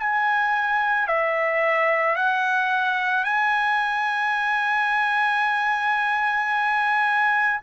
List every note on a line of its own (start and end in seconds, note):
0.00 1.08 G#5
1.08 2.17 E5
2.17 3.25 F#5
3.25 7.61 G#5